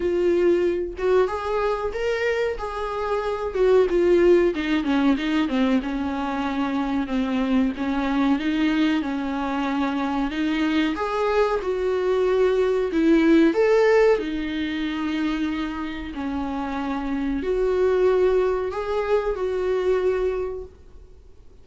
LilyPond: \new Staff \with { instrumentName = "viola" } { \time 4/4 \tempo 4 = 93 f'4. fis'8 gis'4 ais'4 | gis'4. fis'8 f'4 dis'8 cis'8 | dis'8 c'8 cis'2 c'4 | cis'4 dis'4 cis'2 |
dis'4 gis'4 fis'2 | e'4 a'4 dis'2~ | dis'4 cis'2 fis'4~ | fis'4 gis'4 fis'2 | }